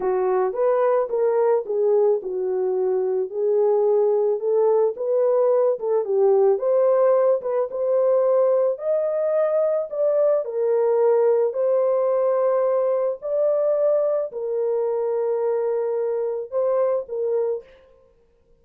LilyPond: \new Staff \with { instrumentName = "horn" } { \time 4/4 \tempo 4 = 109 fis'4 b'4 ais'4 gis'4 | fis'2 gis'2 | a'4 b'4. a'8 g'4 | c''4. b'8 c''2 |
dis''2 d''4 ais'4~ | ais'4 c''2. | d''2 ais'2~ | ais'2 c''4 ais'4 | }